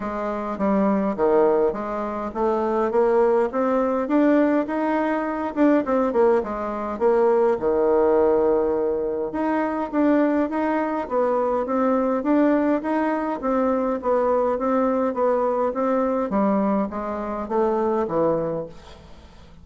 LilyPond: \new Staff \with { instrumentName = "bassoon" } { \time 4/4 \tempo 4 = 103 gis4 g4 dis4 gis4 | a4 ais4 c'4 d'4 | dis'4. d'8 c'8 ais8 gis4 | ais4 dis2. |
dis'4 d'4 dis'4 b4 | c'4 d'4 dis'4 c'4 | b4 c'4 b4 c'4 | g4 gis4 a4 e4 | }